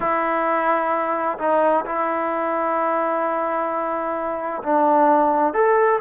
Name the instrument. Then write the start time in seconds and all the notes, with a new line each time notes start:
trombone
0.00 E4
1.38 D#4
1.85 E4
4.63 D4
5.53 A4